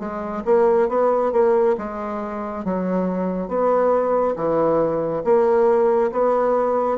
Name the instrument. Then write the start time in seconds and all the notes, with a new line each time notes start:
bassoon
0.00 G#3
0.45 A#3
0.89 B3
1.32 A#3
1.78 G#3
2.65 F#3
3.48 B3
4.36 E3
5.25 A#3
6.12 B3